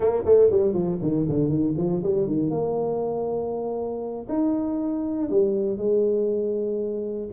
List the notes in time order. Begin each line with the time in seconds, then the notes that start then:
0.00 A#3
0.25 A3
0.50 G3
0.73 F3
1.02 D#3
1.28 D3
1.48 D#3
1.77 F3
2.03 G3
2.26 D#3
2.50 A#3
4.28 D#4
5.30 G3
5.77 G#3